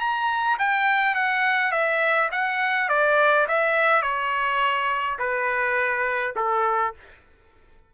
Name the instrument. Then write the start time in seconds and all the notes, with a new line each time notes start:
trumpet
0.00 A#5
0.59 G5
1.15 F#5
1.72 E5
2.32 F#5
2.89 D5
3.48 E5
4.02 C#5
5.19 B4
6.36 A4